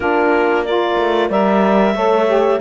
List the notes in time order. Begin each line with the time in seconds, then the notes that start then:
0.00 A#3 D4 F4 A#4
0.64 F4 A#4 D5
0.96 A3
1.29 G3 A#4 D5 E5
1.94 A3 A4 C#5
2.26 G4